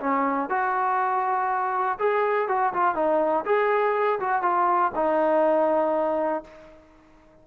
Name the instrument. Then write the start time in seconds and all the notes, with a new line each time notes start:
trombone
0.00 C#4
0.50 F#4
1.99 G#4
2.48 F#4
2.74 F4
2.95 D#4
3.46 G#4
4.20 F#4
4.42 F4
4.95 D#4